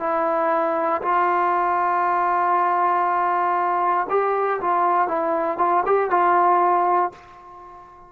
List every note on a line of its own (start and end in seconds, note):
0.00 1.02 E4
1.02 4.07 F4
4.10 4.60 G4
4.61 5.08 F4
5.08 5.58 E4
5.58 5.83 F4
5.86 6.10 G4
6.10 7.12 F4